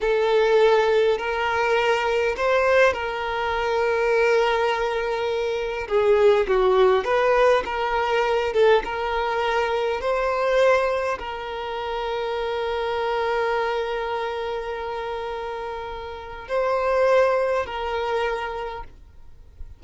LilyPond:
\new Staff \with { instrumentName = "violin" } { \time 4/4 \tempo 4 = 102 a'2 ais'2 | c''4 ais'2.~ | ais'2 gis'4 fis'4 | b'4 ais'4. a'8 ais'4~ |
ais'4 c''2 ais'4~ | ais'1~ | ais'1 | c''2 ais'2 | }